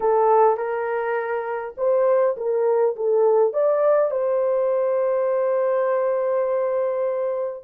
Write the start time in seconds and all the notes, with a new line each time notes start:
0.00 A4
0.57 A#4
1.77 C5
2.36 A#4
2.96 A4
3.53 D5
4.10 C5